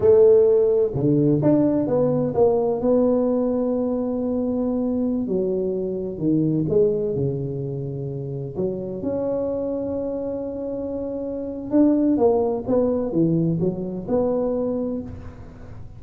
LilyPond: \new Staff \with { instrumentName = "tuba" } { \time 4/4 \tempo 4 = 128 a2 d4 d'4 | b4 ais4 b2~ | b2.~ b16 fis8.~ | fis4~ fis16 dis4 gis4 cis8.~ |
cis2~ cis16 fis4 cis'8.~ | cis'1~ | cis'4 d'4 ais4 b4 | e4 fis4 b2 | }